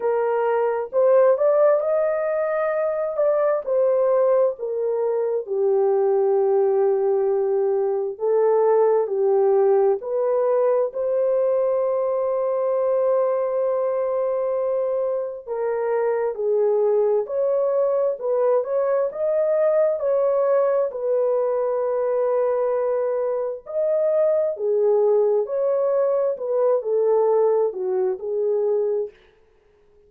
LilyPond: \new Staff \with { instrumentName = "horn" } { \time 4/4 \tempo 4 = 66 ais'4 c''8 d''8 dis''4. d''8 | c''4 ais'4 g'2~ | g'4 a'4 g'4 b'4 | c''1~ |
c''4 ais'4 gis'4 cis''4 | b'8 cis''8 dis''4 cis''4 b'4~ | b'2 dis''4 gis'4 | cis''4 b'8 a'4 fis'8 gis'4 | }